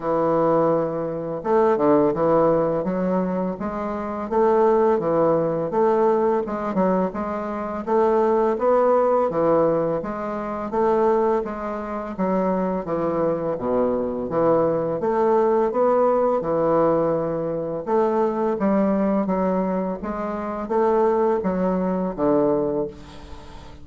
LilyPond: \new Staff \with { instrumentName = "bassoon" } { \time 4/4 \tempo 4 = 84 e2 a8 d8 e4 | fis4 gis4 a4 e4 | a4 gis8 fis8 gis4 a4 | b4 e4 gis4 a4 |
gis4 fis4 e4 b,4 | e4 a4 b4 e4~ | e4 a4 g4 fis4 | gis4 a4 fis4 d4 | }